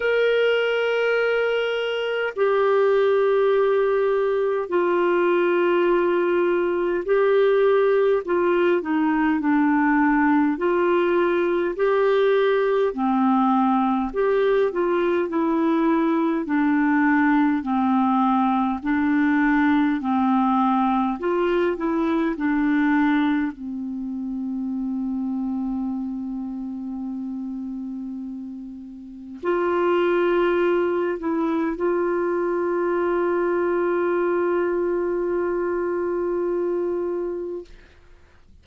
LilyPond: \new Staff \with { instrumentName = "clarinet" } { \time 4/4 \tempo 4 = 51 ais'2 g'2 | f'2 g'4 f'8 dis'8 | d'4 f'4 g'4 c'4 | g'8 f'8 e'4 d'4 c'4 |
d'4 c'4 f'8 e'8 d'4 | c'1~ | c'4 f'4. e'8 f'4~ | f'1 | }